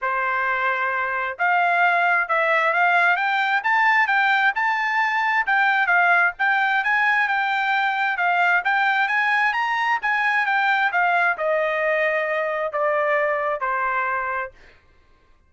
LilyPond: \new Staff \with { instrumentName = "trumpet" } { \time 4/4 \tempo 4 = 132 c''2. f''4~ | f''4 e''4 f''4 g''4 | a''4 g''4 a''2 | g''4 f''4 g''4 gis''4 |
g''2 f''4 g''4 | gis''4 ais''4 gis''4 g''4 | f''4 dis''2. | d''2 c''2 | }